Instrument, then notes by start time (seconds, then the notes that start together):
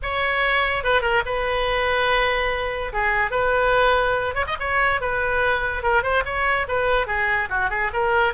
oboe
0.02 C#5
0.83 B4
1.01 A#4
1.25 B4
2.92 G#4
3.30 B4
4.34 C#5
4.46 D#5
4.59 C#5
5.00 B4
5.83 A#4
6.02 C5
6.25 C#5
6.67 B4
7.07 G#4
7.49 F#4
7.70 G#4
7.93 A#4